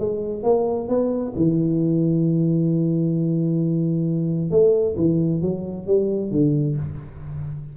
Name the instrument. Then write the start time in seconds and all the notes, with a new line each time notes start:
tuba
0.00 G#3
0.44 A#3
0.89 B3
1.36 E3
4.51 A3
4.97 E3
5.42 F#3
5.87 G3
6.32 D3